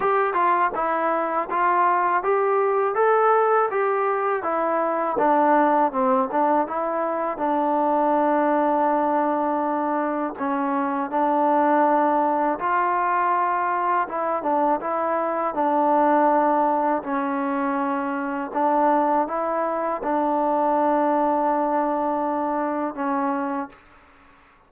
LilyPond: \new Staff \with { instrumentName = "trombone" } { \time 4/4 \tempo 4 = 81 g'8 f'8 e'4 f'4 g'4 | a'4 g'4 e'4 d'4 | c'8 d'8 e'4 d'2~ | d'2 cis'4 d'4~ |
d'4 f'2 e'8 d'8 | e'4 d'2 cis'4~ | cis'4 d'4 e'4 d'4~ | d'2. cis'4 | }